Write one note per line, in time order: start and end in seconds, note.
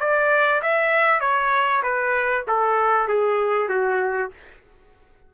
0.00 0.62 D5
0.63 1.21 E5
1.21 1.83 C#5
1.83 2.45 B4
2.48 3.08 A4
3.08 3.69 G#4
3.69 4.31 F#4